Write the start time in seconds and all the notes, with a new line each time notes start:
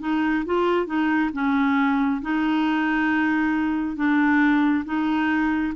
0.00 D#4
0.45 F4
0.85 D#4
1.33 C#4
2.21 D#4
3.96 D4
4.84 D#4